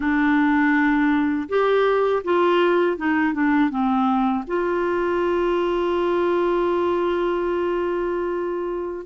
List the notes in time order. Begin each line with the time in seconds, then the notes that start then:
0.00 D4
1.48 G4
2.24 F4
2.97 D#4
3.33 D4
3.70 C4
4.47 F4